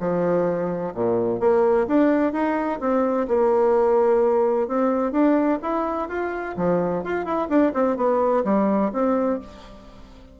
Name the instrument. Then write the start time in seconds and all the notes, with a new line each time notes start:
bassoon
0.00 F3
0.94 A#2
1.40 A#3
1.88 D4
2.33 D#4
2.80 C4
3.28 A#3
4.68 C4
5.12 D4
5.62 E4
6.09 F4
6.57 F3
7.04 F4
7.25 E4
7.49 D4
7.74 C4
7.97 B3
8.44 G3
8.93 C4